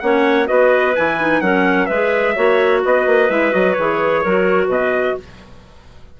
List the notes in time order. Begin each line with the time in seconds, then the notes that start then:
0.00 A#3 C#4 C#5 F#5
0.46 B3 F#4 B4 D#5
0.95 E3 E4 G#5
1.20 D#4
1.41 F#3 C#4 A#4 F#5
1.86 G#3 G#4 B4 E5
2.35 A#3 F#4 C#5
2.85 B3 B4 D#5
3.06 A#3
3.29 G#3 E4 E5
3.51 F#3 F#4 D#5
3.73 E3 G#4 C#5
4.22 F#3 F#4 A#4
4.67 B2 B4 D#5